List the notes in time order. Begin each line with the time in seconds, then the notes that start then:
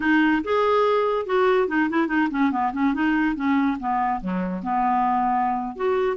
0.00 D#4
0.44 G#4
1.26 F#4
1.68 D#4
1.89 E4
2.07 D#4
2.31 C#4
2.51 B3
2.73 C#4
2.94 D#4
3.35 C#4
3.79 B3
4.20 F#3
4.62 B3
5.76 F#4